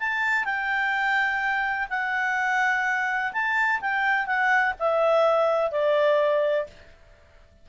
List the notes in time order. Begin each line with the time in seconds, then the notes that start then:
0.00 A5
0.45 G5
1.90 F#5
3.33 A5
3.81 G5
4.27 F#5
4.79 E5
5.72 D5